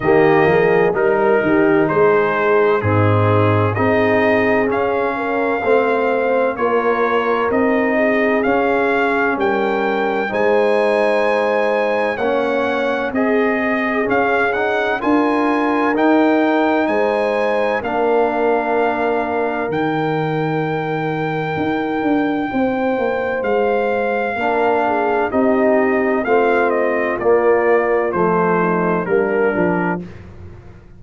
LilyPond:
<<
  \new Staff \with { instrumentName = "trumpet" } { \time 4/4 \tempo 4 = 64 dis''4 ais'4 c''4 gis'4 | dis''4 f''2 cis''4 | dis''4 f''4 g''4 gis''4~ | gis''4 fis''4 dis''4 f''8 fis''8 |
gis''4 g''4 gis''4 f''4~ | f''4 g''2.~ | g''4 f''2 dis''4 | f''8 dis''8 d''4 c''4 ais'4 | }
  \new Staff \with { instrumentName = "horn" } { \time 4/4 g'8 gis'8 ais'8 g'8 gis'4 dis'4 | gis'4. ais'8 c''4 ais'4~ | ais'8 gis'4. ais'4 c''4~ | c''4 cis''4 gis'2 |
ais'2 c''4 ais'4~ | ais'1 | c''2 ais'8 gis'8 g'4 | f'2~ f'8 dis'8 d'4 | }
  \new Staff \with { instrumentName = "trombone" } { \time 4/4 ais4 dis'2 c'4 | dis'4 cis'4 c'4 f'4 | dis'4 cis'2 dis'4~ | dis'4 cis'4 gis'4 cis'8 dis'8 |
f'4 dis'2 d'4~ | d'4 dis'2.~ | dis'2 d'4 dis'4 | c'4 ais4 a4 ais8 d'8 | }
  \new Staff \with { instrumentName = "tuba" } { \time 4/4 dis8 f8 g8 dis8 gis4 gis,4 | c'4 cis'4 a4 ais4 | c'4 cis'4 g4 gis4~ | gis4 ais4 c'4 cis'4 |
d'4 dis'4 gis4 ais4~ | ais4 dis2 dis'8 d'8 | c'8 ais8 gis4 ais4 c'4 | a4 ais4 f4 g8 f8 | }
>>